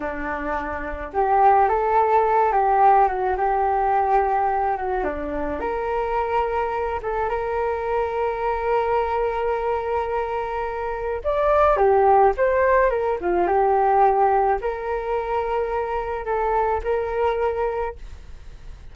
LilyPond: \new Staff \with { instrumentName = "flute" } { \time 4/4 \tempo 4 = 107 d'2 g'4 a'4~ | a'8 g'4 fis'8 g'2~ | g'8 fis'8 d'4 ais'2~ | ais'8 a'8 ais'2.~ |
ais'1 | d''4 g'4 c''4 ais'8 f'8 | g'2 ais'2~ | ais'4 a'4 ais'2 | }